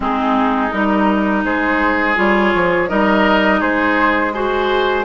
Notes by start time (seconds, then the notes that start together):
0.00 G#3 C4 D#4 G#4
0.70 G3 D#4 A#4
1.44 G#3 G#4 C5
2.15 G3 F4 C#5
2.54 F3
2.87 G3 D#4 A#4 D#5
3.60 G#3 G#4 C5
4.33 F#4 G#4 C5